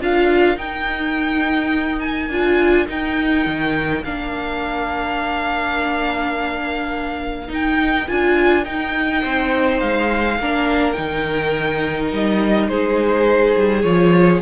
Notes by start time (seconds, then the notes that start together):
0.00 D4 F4 A#4 F5
0.56 D#4 G5
2.00 G#5
2.29 D4 F4
2.87 D#4 G5
3.46 D#3
4.04 A#3 D4 F5
7.48 D#4 G5
8.08 D4 F4 G#5
8.64 D#4 G5
9.21 C4 C5
9.79 G#3 F5
10.39 A#3 D4 A#4
10.92 D#3 D#4 G5
12.12 G3 D#5
12.68 G#3 G#4 C5
13.56 G3
13.82 F3 F4 C#5